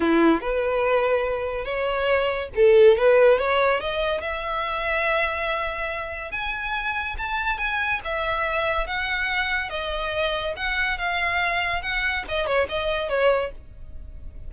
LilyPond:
\new Staff \with { instrumentName = "violin" } { \time 4/4 \tempo 4 = 142 e'4 b'2. | cis''2 a'4 b'4 | cis''4 dis''4 e''2~ | e''2. gis''4~ |
gis''4 a''4 gis''4 e''4~ | e''4 fis''2 dis''4~ | dis''4 fis''4 f''2 | fis''4 dis''8 cis''8 dis''4 cis''4 | }